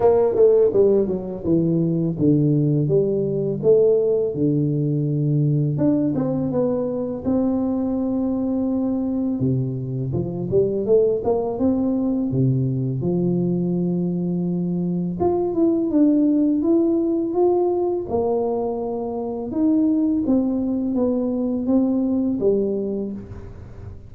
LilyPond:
\new Staff \with { instrumentName = "tuba" } { \time 4/4 \tempo 4 = 83 ais8 a8 g8 fis8 e4 d4 | g4 a4 d2 | d'8 c'8 b4 c'2~ | c'4 c4 f8 g8 a8 ais8 |
c'4 c4 f2~ | f4 f'8 e'8 d'4 e'4 | f'4 ais2 dis'4 | c'4 b4 c'4 g4 | }